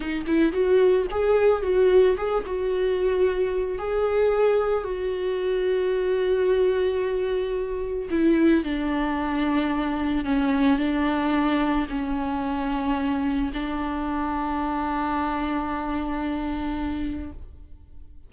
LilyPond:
\new Staff \with { instrumentName = "viola" } { \time 4/4 \tempo 4 = 111 dis'8 e'8 fis'4 gis'4 fis'4 | gis'8 fis'2~ fis'8 gis'4~ | gis'4 fis'2.~ | fis'2. e'4 |
d'2. cis'4 | d'2 cis'2~ | cis'4 d'2.~ | d'1 | }